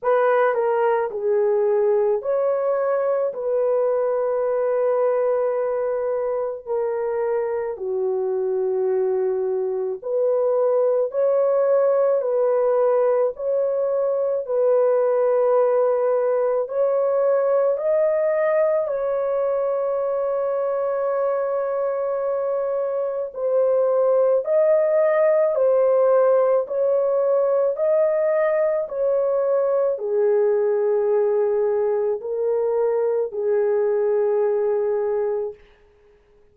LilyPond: \new Staff \with { instrumentName = "horn" } { \time 4/4 \tempo 4 = 54 b'8 ais'8 gis'4 cis''4 b'4~ | b'2 ais'4 fis'4~ | fis'4 b'4 cis''4 b'4 | cis''4 b'2 cis''4 |
dis''4 cis''2.~ | cis''4 c''4 dis''4 c''4 | cis''4 dis''4 cis''4 gis'4~ | gis'4 ais'4 gis'2 | }